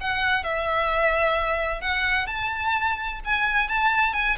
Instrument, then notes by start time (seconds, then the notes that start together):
violin
0.00 F#5
0.43 E5
1.81 F#5
2.27 A5
3.25 G#5
3.68 A5
4.13 G#5